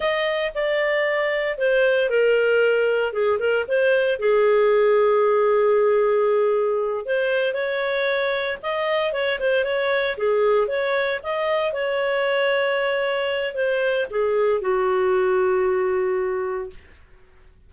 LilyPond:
\new Staff \with { instrumentName = "clarinet" } { \time 4/4 \tempo 4 = 115 dis''4 d''2 c''4 | ais'2 gis'8 ais'8 c''4 | gis'1~ | gis'4. c''4 cis''4.~ |
cis''8 dis''4 cis''8 c''8 cis''4 gis'8~ | gis'8 cis''4 dis''4 cis''4.~ | cis''2 c''4 gis'4 | fis'1 | }